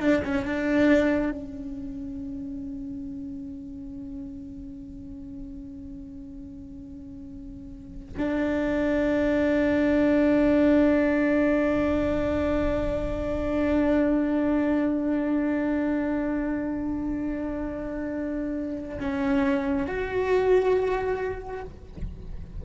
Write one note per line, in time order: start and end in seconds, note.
0.00 0.22 D4
0.24 0.46 C#4
0.46 1.32 D4
1.32 8.15 C#4
8.18 18.99 D4
19.00 19.87 C#4
19.87 21.64 F#4